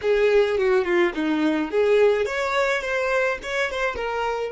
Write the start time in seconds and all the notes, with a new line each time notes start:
0.01 G#4
0.57 F#4
0.84 F4
1.14 D#4
1.71 G#4
2.25 C#5
2.81 C5
3.42 C#5
3.70 C5
3.95 A#4